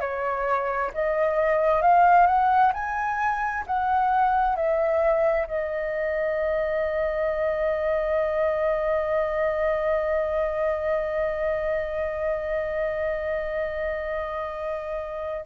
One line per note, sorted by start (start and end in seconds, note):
0.00 0.91 C#5
0.93 1.81 D#5
1.81 2.26 F5
2.26 2.71 F#5
2.73 3.64 G#5
3.66 4.55 F#5
4.55 5.46 E5
5.47 15.45 D#5